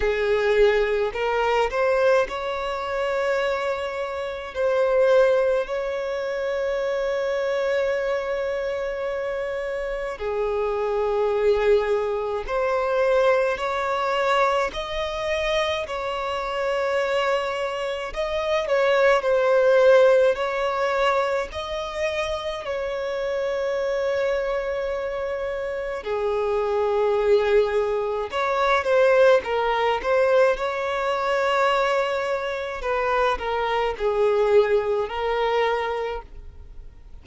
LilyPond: \new Staff \with { instrumentName = "violin" } { \time 4/4 \tempo 4 = 53 gis'4 ais'8 c''8 cis''2 | c''4 cis''2.~ | cis''4 gis'2 c''4 | cis''4 dis''4 cis''2 |
dis''8 cis''8 c''4 cis''4 dis''4 | cis''2. gis'4~ | gis'4 cis''8 c''8 ais'8 c''8 cis''4~ | cis''4 b'8 ais'8 gis'4 ais'4 | }